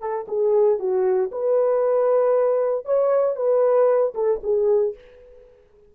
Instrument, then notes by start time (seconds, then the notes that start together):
horn
0.00 A4
0.28 G#4
0.79 F#4
1.31 B4
2.85 C#5
3.36 B4
4.14 A4
4.43 G#4